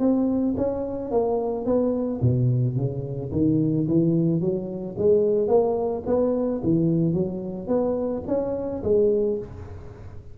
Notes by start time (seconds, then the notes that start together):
0.00 C4
0.58 C#4
1.11 A#3
1.66 B3
2.22 B2
2.76 C#3
3.32 D#3
3.88 E3
4.41 F#3
4.98 G#3
5.48 A#3
6.07 B3
6.64 E3
7.14 F#3
7.68 B3
8.28 C#4
8.84 G#3